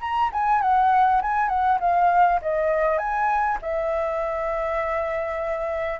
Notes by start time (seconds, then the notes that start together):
0.00 A#5
0.32 G#5
0.61 F#5
1.21 G#5
1.48 F#5
1.80 F5
2.42 D#5
2.98 G#5
3.61 E5